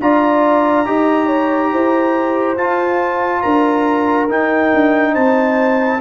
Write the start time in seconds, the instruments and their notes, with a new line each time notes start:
0.00 tuba D4, trombone F4, horn D5, trumpet A#5
0.85 tuba D#4, trombone G4, horn D#5
1.26 horn C#5
1.72 tuba E4, horn C5
2.57 tuba F4, trombone F4, trumpet A5
3.42 tuba D4, horn A#4, trumpet A#5
4.29 trombone D#4, tuba D#4, trumpet G5
4.73 tuba D4
5.13 tuba C4, horn C5, trumpet A5